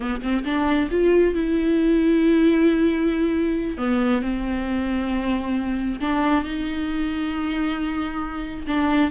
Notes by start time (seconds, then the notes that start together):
0.00 B3
0.21 C4
0.44 D4
0.90 F4
1.34 E4
3.77 B3
4.22 C4
6.00 D4
6.43 D#4
8.67 D4